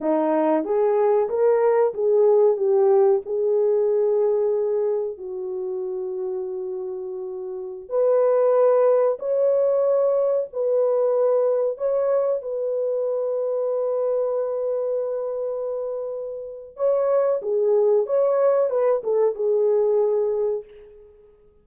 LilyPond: \new Staff \with { instrumentName = "horn" } { \time 4/4 \tempo 4 = 93 dis'4 gis'4 ais'4 gis'4 | g'4 gis'2. | fis'1~ | fis'16 b'2 cis''4.~ cis''16~ |
cis''16 b'2 cis''4 b'8.~ | b'1~ | b'2 cis''4 gis'4 | cis''4 b'8 a'8 gis'2 | }